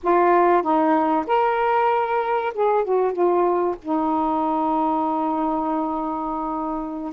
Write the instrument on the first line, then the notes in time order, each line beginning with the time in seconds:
saxophone
0.03 F4
0.62 D#4
1.27 A#4
2.53 G#4
2.84 F#4
3.12 F4
3.82 D#4